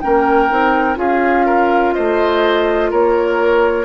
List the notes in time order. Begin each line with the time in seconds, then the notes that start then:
0.00 A#3 C#4 A#4 G5
0.49 C4 D#4
0.95 C#4 F4 G#4 F5
1.46 A#4
1.94 A3 C5 D#5
2.91 A#3 A#4 C#5